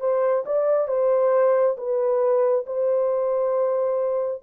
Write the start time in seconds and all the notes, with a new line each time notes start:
0.00 C5
0.45 D5
0.88 C5
1.77 B4
2.66 C5